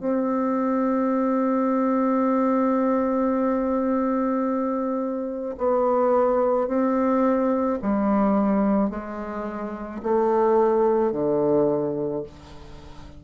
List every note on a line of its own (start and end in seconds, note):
0.00 5.56 C4
5.58 6.68 B3
6.68 7.79 C4
7.82 8.90 G3
8.90 10.02 G#3
10.03 11.13 A3
11.13 12.24 D3